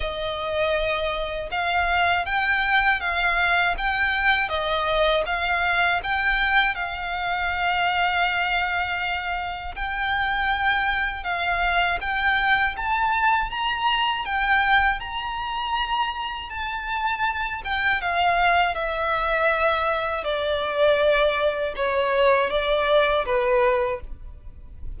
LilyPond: \new Staff \with { instrumentName = "violin" } { \time 4/4 \tempo 4 = 80 dis''2 f''4 g''4 | f''4 g''4 dis''4 f''4 | g''4 f''2.~ | f''4 g''2 f''4 |
g''4 a''4 ais''4 g''4 | ais''2 a''4. g''8 | f''4 e''2 d''4~ | d''4 cis''4 d''4 b'4 | }